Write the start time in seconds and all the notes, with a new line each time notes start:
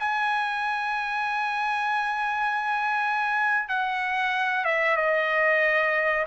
0.00 G#5
3.69 F#5
4.65 E5
4.97 D#5